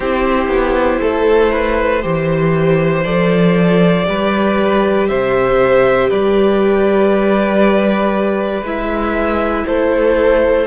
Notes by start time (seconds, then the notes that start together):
0.00 C4 E4 G4 C5
0.47 B3
1.00 A3 A4
1.51 B4
2.02 E3 G4 C5
3.04 F3 A4 D5
4.05 G3 G4 B4
5.08 C3 C5 E5
6.09 G3 B4 D5
8.61 G#3 E4 E5
9.67 A3 A4 C5